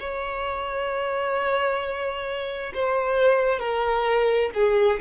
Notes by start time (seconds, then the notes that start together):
0.00 C#5
2.74 C5
3.59 A#4
4.54 G#4